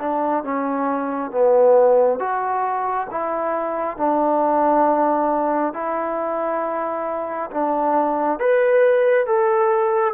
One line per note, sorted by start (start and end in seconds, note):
0.00 0.44 D4
0.44 1.32 C#4
1.32 2.20 B3
2.20 3.08 F#4
3.11 3.97 E4
3.97 5.74 D4
5.74 7.50 E4
7.52 8.40 D4
8.40 9.27 B4
9.27 10.14 A4